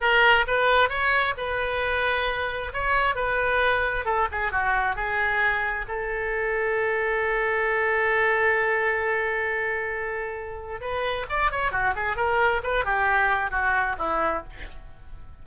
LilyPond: \new Staff \with { instrumentName = "oboe" } { \time 4/4 \tempo 4 = 133 ais'4 b'4 cis''4 b'4~ | b'2 cis''4 b'4~ | b'4 a'8 gis'8 fis'4 gis'4~ | gis'4 a'2.~ |
a'1~ | a'1 | b'4 d''8 cis''8 fis'8 gis'8 ais'4 | b'8 g'4. fis'4 e'4 | }